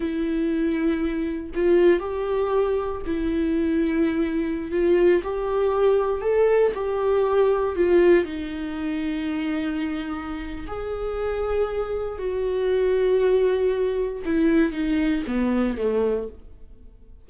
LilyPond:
\new Staff \with { instrumentName = "viola" } { \time 4/4 \tempo 4 = 118 e'2. f'4 | g'2 e'2~ | e'4~ e'16 f'4 g'4.~ g'16~ | g'16 a'4 g'2 f'8.~ |
f'16 dis'2.~ dis'8.~ | dis'4 gis'2. | fis'1 | e'4 dis'4 b4 a4 | }